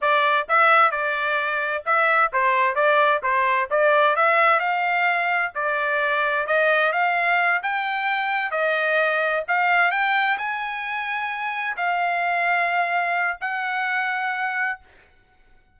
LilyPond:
\new Staff \with { instrumentName = "trumpet" } { \time 4/4 \tempo 4 = 130 d''4 e''4 d''2 | e''4 c''4 d''4 c''4 | d''4 e''4 f''2 | d''2 dis''4 f''4~ |
f''8 g''2 dis''4.~ | dis''8 f''4 g''4 gis''4.~ | gis''4. f''2~ f''8~ | f''4 fis''2. | }